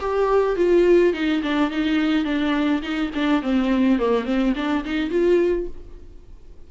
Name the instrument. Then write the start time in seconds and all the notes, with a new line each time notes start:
viola
0.00 G4
0.56 F4
1.14 D#4
1.43 D4
1.71 D#4
2.25 D4
2.82 D#4
3.15 D4
3.42 C4
3.99 A#3
4.25 C4
4.56 D4
4.85 D#4
5.10 F4